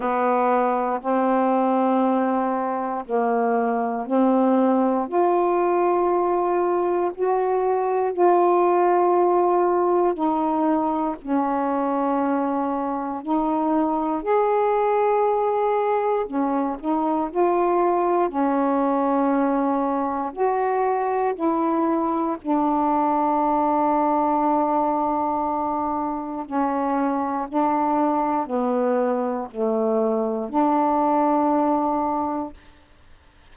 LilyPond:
\new Staff \with { instrumentName = "saxophone" } { \time 4/4 \tempo 4 = 59 b4 c'2 ais4 | c'4 f'2 fis'4 | f'2 dis'4 cis'4~ | cis'4 dis'4 gis'2 |
cis'8 dis'8 f'4 cis'2 | fis'4 e'4 d'2~ | d'2 cis'4 d'4 | b4 a4 d'2 | }